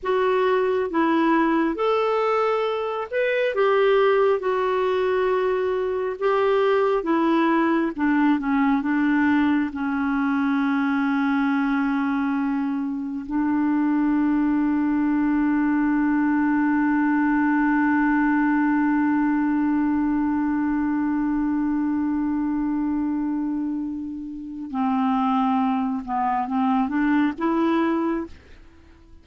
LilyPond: \new Staff \with { instrumentName = "clarinet" } { \time 4/4 \tempo 4 = 68 fis'4 e'4 a'4. b'8 | g'4 fis'2 g'4 | e'4 d'8 cis'8 d'4 cis'4~ | cis'2. d'4~ |
d'1~ | d'1~ | d'1 | c'4. b8 c'8 d'8 e'4 | }